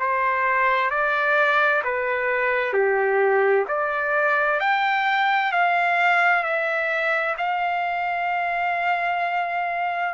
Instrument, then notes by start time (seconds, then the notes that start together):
trumpet
0.00 C5
0.91 D5
1.85 B4
2.74 G4
3.68 D5
4.61 G5
5.53 F5
6.44 E5
7.38 F5